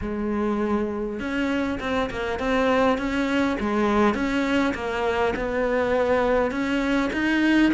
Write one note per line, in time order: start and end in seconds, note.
0.01 1.19 G#3
1.19 1.78 C#4
1.80 2.10 C4
2.10 2.39 A#3
2.39 2.98 C4
2.98 3.57 C#4
3.60 4.14 G#3
4.14 4.73 C#4
4.74 5.34 A#3
5.36 6.50 B3
6.50 7.10 C#4
7.13 7.72 D#4